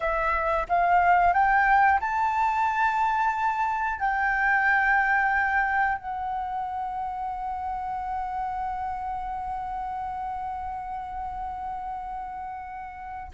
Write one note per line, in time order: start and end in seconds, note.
0.00 0.67 E5
0.68 1.33 F5
1.33 1.99 G5
2.00 3.99 A5
3.99 5.98 G5
5.98 13.31 F#5